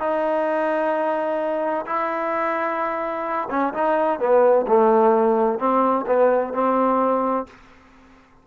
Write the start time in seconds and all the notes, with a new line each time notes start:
0.00 D#4
1.86 E4
3.51 C#4
3.74 D#4
4.20 B3
4.68 A3
5.59 C4
6.07 B3
6.54 C4